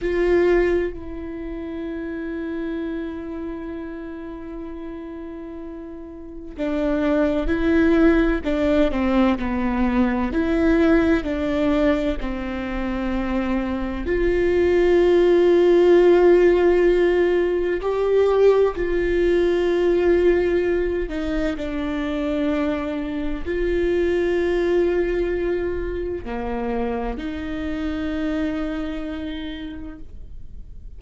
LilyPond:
\new Staff \with { instrumentName = "viola" } { \time 4/4 \tempo 4 = 64 f'4 e'2.~ | e'2. d'4 | e'4 d'8 c'8 b4 e'4 | d'4 c'2 f'4~ |
f'2. g'4 | f'2~ f'8 dis'8 d'4~ | d'4 f'2. | ais4 dis'2. | }